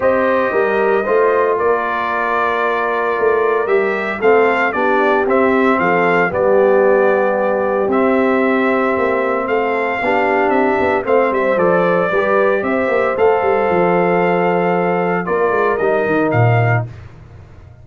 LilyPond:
<<
  \new Staff \with { instrumentName = "trumpet" } { \time 4/4 \tempo 4 = 114 dis''2. d''4~ | d''2. e''4 | f''4 d''4 e''4 f''4 | d''2. e''4~ |
e''2 f''2 | e''4 f''8 e''8 d''2 | e''4 f''2.~ | f''4 d''4 dis''4 f''4 | }
  \new Staff \with { instrumentName = "horn" } { \time 4/4 c''4 ais'4 c''4 ais'4~ | ais'1 | a'4 g'2 a'4 | g'1~ |
g'2 a'4 g'4~ | g'4 c''2 b'4 | c''1~ | c''4 ais'2. | }
  \new Staff \with { instrumentName = "trombone" } { \time 4/4 g'2 f'2~ | f'2. g'4 | c'4 d'4 c'2 | b2. c'4~ |
c'2. d'4~ | d'4 c'4 a'4 g'4~ | g'4 a'2.~ | a'4 f'4 dis'2 | }
  \new Staff \with { instrumentName = "tuba" } { \time 4/4 c'4 g4 a4 ais4~ | ais2 a4 g4 | a4 b4 c'4 f4 | g2. c'4~ |
c'4 ais4 a4 b4 | c'8 b8 a8 g8 f4 g4 | c'8 ais8 a8 g8 f2~ | f4 ais8 gis8 g8 dis8 ais,4 | }
>>